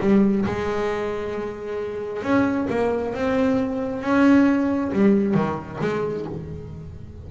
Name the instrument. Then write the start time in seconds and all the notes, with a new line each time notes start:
double bass
0.00 G3
0.45 G#3
2.22 C#4
2.69 A#3
3.14 C4
4.02 C#4
4.92 G3
5.34 D#3
5.80 G#3